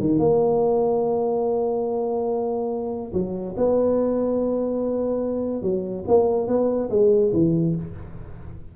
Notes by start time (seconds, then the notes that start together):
0.00 D#3
0.19 A#3
3.13 F#3
3.57 B3
5.62 F#3
6.07 A#3
6.47 B3
6.90 G#3
7.33 E3